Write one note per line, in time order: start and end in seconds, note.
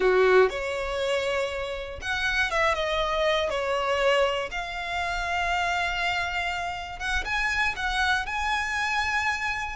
0.00 0.49 F#4
0.49 1.99 C#5
2.01 2.50 F#5
2.50 2.74 E5
2.74 3.49 D#5
3.49 4.49 C#5
4.51 6.99 F5
6.99 7.24 F#5
7.24 7.74 G#5
7.75 8.25 F#5
8.26 9.76 G#5